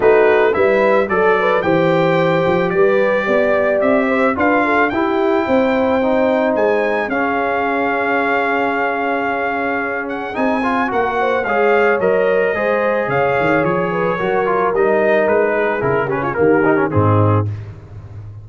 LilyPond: <<
  \new Staff \with { instrumentName = "trumpet" } { \time 4/4 \tempo 4 = 110 b'4 e''4 d''4 g''4~ | g''4 d''2 e''4 | f''4 g''2. | gis''4 f''2.~ |
f''2~ f''8 fis''8 gis''4 | fis''4 f''4 dis''2 | f''4 cis''2 dis''4 | b'4 ais'8 b'16 cis''16 ais'4 gis'4 | }
  \new Staff \with { instrumentName = "horn" } { \time 4/4 fis'4 b'4 a'8 b'8 c''4~ | c''4 b'4 d''4. c''8 | b'8 a'8 g'4 c''2~ | c''4 gis'2.~ |
gis'1 | ais'8 c''8 cis''2 c''4 | cis''4. b'8 ais'2~ | ais'8 gis'4 g'16 f'16 g'4 dis'4 | }
  \new Staff \with { instrumentName = "trombone" } { \time 4/4 dis'4 e'4 a'4 g'4~ | g'1 | f'4 e'2 dis'4~ | dis'4 cis'2.~ |
cis'2. dis'8 f'8 | fis'4 gis'4 ais'4 gis'4~ | gis'2 fis'8 f'8 dis'4~ | dis'4 e'8 cis'8 ais8 dis'16 cis'16 c'4 | }
  \new Staff \with { instrumentName = "tuba" } { \time 4/4 a4 g4 fis4 e4~ | e8 f8 g4 b4 c'4 | d'4 e'4 c'2 | gis4 cis'2.~ |
cis'2. c'4 | ais4 gis4 fis4 gis4 | cis8 dis8 f4 fis4 g4 | gis4 cis4 dis4 gis,4 | }
>>